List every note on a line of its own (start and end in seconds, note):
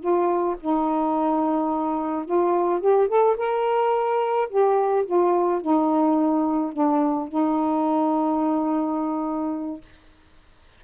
0.00 0.56 F4
0.61 2.26 D#4
2.26 2.81 F4
2.81 3.09 G4
3.09 3.37 A4
3.37 4.49 A#4
4.50 5.06 G4
5.06 5.62 F4
5.62 6.73 D#4
6.73 7.29 D4
7.29 9.81 D#4